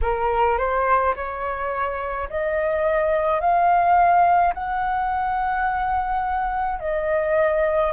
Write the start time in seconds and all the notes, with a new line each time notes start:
0.01 A#4
0.58 C5
1.15 C#5
2.29 D#5
3.40 F5
4.54 F#5
6.79 D#5